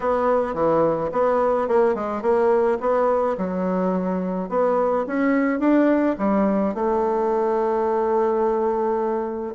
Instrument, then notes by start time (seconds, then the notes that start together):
bassoon
0.00 B3
0.54 E3
1.11 B3
1.67 A#3
1.94 G#3
2.21 A#3
2.80 B3
3.37 F#3
4.49 B3
5.06 C#4
5.59 D4
6.18 G3
6.74 A3